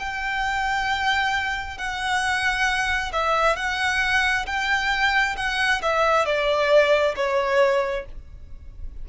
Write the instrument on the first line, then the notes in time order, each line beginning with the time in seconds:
violin
0.00 G5
1.78 F#5
3.13 E5
3.57 F#5
4.47 G5
5.37 F#5
5.83 E5
6.26 D5
7.16 C#5